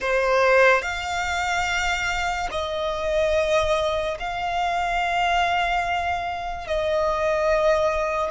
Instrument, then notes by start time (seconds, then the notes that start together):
violin
0.00 C5
0.81 F5
2.51 D#5
4.19 F5
6.67 D#5